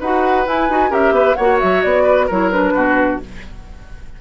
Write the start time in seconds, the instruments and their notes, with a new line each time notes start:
0.00 bassoon D#4, clarinet F#4, oboe B4, flute F#5
0.46 clarinet E4, bassoon E4, flute G#5
0.69 bassoon D#4, clarinet F#4
0.90 bassoon C#4, clarinet G4, oboe A#4, flute E5
1.11 bassoon B3, oboe B4
1.35 bassoon A#3, clarinet F#4, oboe C#5, flute F#5
1.60 bassoon F#3, flute E5
1.83 bassoon B3, flute D5
2.03 oboe B4
2.27 bassoon F#3, clarinet E4, oboe A#4, flute C#5
2.51 clarinet D4, flute B4
2.74 bassoon B2, oboe F#4